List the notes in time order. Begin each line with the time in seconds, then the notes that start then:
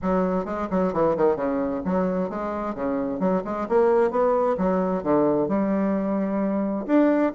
0.01 F#3
0.45 G#3
0.70 F#3
0.93 E3
1.16 D#3
1.36 C#3
1.84 F#3
2.29 G#3
2.75 C#3
3.19 F#3
3.44 G#3
3.68 A#3
4.10 B3
4.57 F#3
5.03 D3
5.48 G3
6.86 D4